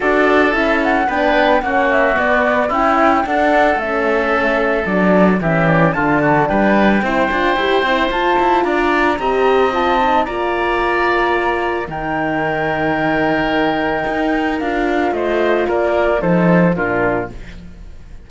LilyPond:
<<
  \new Staff \with { instrumentName = "flute" } { \time 4/4 \tempo 4 = 111 d''4 e''8 fis''8 g''4 fis''8 e''8 | d''4 g''4 fis''4 e''4~ | e''4 d''4 e''8 d''8 a''4 | g''2. a''4 |
ais''2 a''4 ais''4~ | ais''2 g''2~ | g''2. f''4 | dis''4 d''4 c''4 ais'4 | }
  \new Staff \with { instrumentName = "oboe" } { \time 4/4 a'2 b'4 fis'4~ | fis'4 e'4 a'2~ | a'2 g'4 f'8 fis'8 | b'4 c''2. |
d''4 dis''2 d''4~ | d''2 ais'2~ | ais'1 | c''4 ais'4 a'4 f'4 | }
  \new Staff \with { instrumentName = "horn" } { \time 4/4 fis'4 e'4 d'4 cis'4 | b4 e'4 d'4 cis'4~ | cis'4 d'4 cis'4 d'4~ | d'4 e'8 f'8 g'8 e'8 f'4~ |
f'4 g'4 f'8 dis'8 f'4~ | f'2 dis'2~ | dis'2. f'4~ | f'2 dis'4 d'4 | }
  \new Staff \with { instrumentName = "cello" } { \time 4/4 d'4 cis'4 b4 ais4 | b4 cis'4 d'4 a4~ | a4 fis4 e4 d4 | g4 c'8 d'8 e'8 c'8 f'8 e'8 |
d'4 c'2 ais4~ | ais2 dis2~ | dis2 dis'4 d'4 | a4 ais4 f4 ais,4 | }
>>